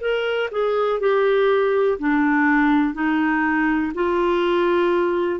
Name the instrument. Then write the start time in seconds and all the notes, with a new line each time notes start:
clarinet
0.00 A#4
0.51 G#4
1.00 G4
1.99 D4
2.94 D#4
3.94 F4